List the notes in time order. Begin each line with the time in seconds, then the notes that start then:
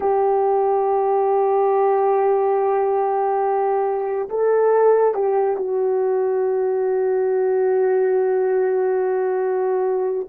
0.00 G4
4.29 A4
5.14 G4
5.56 F#4